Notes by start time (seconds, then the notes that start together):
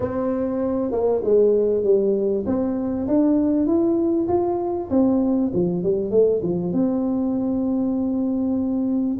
0.00 C4
0.91 A#3
1.24 G#3
1.83 G3
2.45 C4
3.07 D4
3.66 E4
4.27 F4
4.90 C4
5.53 F3
5.83 G3
6.10 A3
6.42 F3
6.72 C4